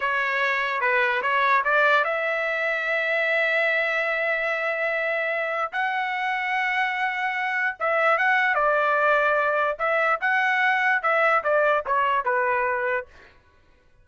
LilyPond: \new Staff \with { instrumentName = "trumpet" } { \time 4/4 \tempo 4 = 147 cis''2 b'4 cis''4 | d''4 e''2.~ | e''1~ | e''2 fis''2~ |
fis''2. e''4 | fis''4 d''2. | e''4 fis''2 e''4 | d''4 cis''4 b'2 | }